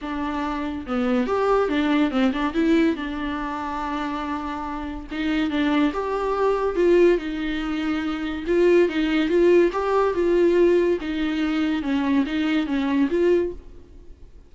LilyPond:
\new Staff \with { instrumentName = "viola" } { \time 4/4 \tempo 4 = 142 d'2 b4 g'4 | d'4 c'8 d'8 e'4 d'4~ | d'1 | dis'4 d'4 g'2 |
f'4 dis'2. | f'4 dis'4 f'4 g'4 | f'2 dis'2 | cis'4 dis'4 cis'4 f'4 | }